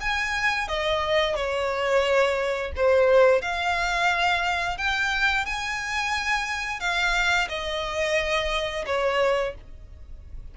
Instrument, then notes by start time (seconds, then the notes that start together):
violin
0.00 G#5
0.68 D#5
1.35 C#5
2.76 C5
3.42 F5
4.78 G5
5.45 G#5
6.80 F5
7.49 D#5
8.86 C#5